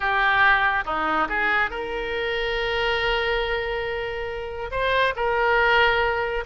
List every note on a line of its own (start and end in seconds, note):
0.00 0.84 G4
0.85 1.27 D#4
1.29 1.70 G#4
1.70 4.70 A#4
4.71 5.14 C5
5.15 6.44 A#4